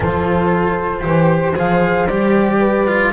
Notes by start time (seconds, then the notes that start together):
0.00 F3 F4 A4 C5
1.01 E3 G4 C5
1.55 F3 G#4 F5
2.07 G3 G4 D5
2.58 B4
2.87 F4